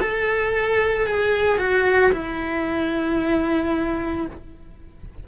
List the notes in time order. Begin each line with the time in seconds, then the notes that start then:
0.00 A4
1.06 G#4
1.58 F#4
2.12 E4